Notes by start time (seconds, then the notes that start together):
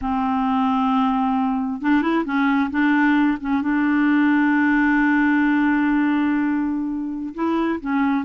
0.01 C4
1.81 D4
2.02 E4
2.24 C#4
2.70 D4
3.40 C#4
3.62 D4
7.34 E4
7.80 C#4